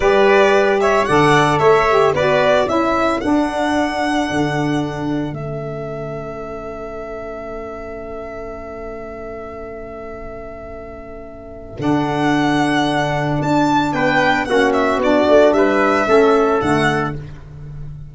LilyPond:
<<
  \new Staff \with { instrumentName = "violin" } { \time 4/4 \tempo 4 = 112 d''4. e''8 fis''4 e''4 | d''4 e''4 fis''2~ | fis''2 e''2~ | e''1~ |
e''1~ | e''2 fis''2~ | fis''4 a''4 g''4 fis''8 e''8 | d''4 e''2 fis''4 | }
  \new Staff \with { instrumentName = "trumpet" } { \time 4/4 b'4. cis''8 d''4 cis''4 | b'4 a'2.~ | a'1~ | a'1~ |
a'1~ | a'1~ | a'2 b'4 fis'4~ | fis'4 b'4 a'2 | }
  \new Staff \with { instrumentName = "saxophone" } { \time 4/4 g'2 a'4. g'8 | fis'4 e'4 d'2~ | d'2 cis'2~ | cis'1~ |
cis'1~ | cis'2 d'2~ | d'2. cis'4 | d'2 cis'4 a4 | }
  \new Staff \with { instrumentName = "tuba" } { \time 4/4 g2 d4 a4 | b4 cis'4 d'2 | d2 a2~ | a1~ |
a1~ | a2 d2~ | d4 d'4 b4 ais4 | b8 a8 g4 a4 d4 | }
>>